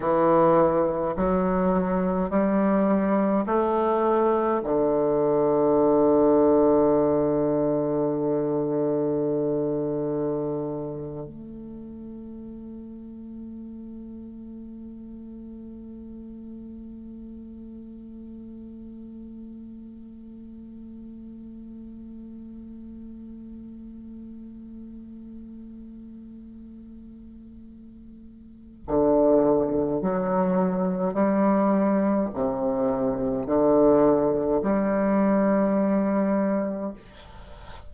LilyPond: \new Staff \with { instrumentName = "bassoon" } { \time 4/4 \tempo 4 = 52 e4 fis4 g4 a4 | d1~ | d4.~ d16 a2~ a16~ | a1~ |
a1~ | a1~ | a4 d4 fis4 g4 | c4 d4 g2 | }